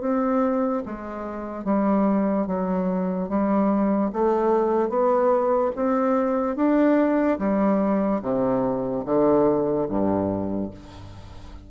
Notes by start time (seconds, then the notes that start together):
0.00 C4
0.85 G#3
1.64 G3
2.47 F#3
3.28 G3
4.12 A3
4.89 B3
5.75 C4
6.56 D4
7.39 G3
8.22 C3
9.05 D3
9.88 G2